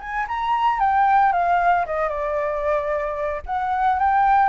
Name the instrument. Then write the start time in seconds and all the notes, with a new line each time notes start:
flute
0.00 G#5
0.28 A#5
0.80 G5
1.33 F5
1.86 D#5
2.09 D5
3.46 F#5
3.99 G5